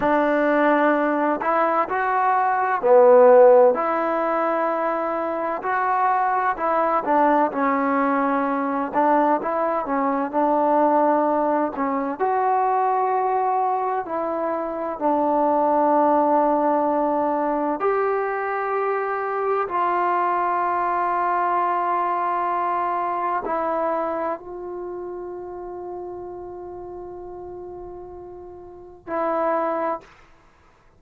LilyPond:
\new Staff \with { instrumentName = "trombone" } { \time 4/4 \tempo 4 = 64 d'4. e'8 fis'4 b4 | e'2 fis'4 e'8 d'8 | cis'4. d'8 e'8 cis'8 d'4~ | d'8 cis'8 fis'2 e'4 |
d'2. g'4~ | g'4 f'2.~ | f'4 e'4 f'2~ | f'2. e'4 | }